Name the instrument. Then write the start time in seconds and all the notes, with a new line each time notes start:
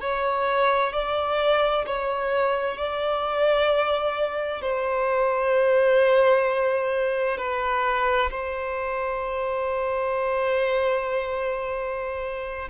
violin
0.00 C#5
0.93 D5
1.86 C#5
2.77 D5
4.61 C5
7.38 B4
8.30 C5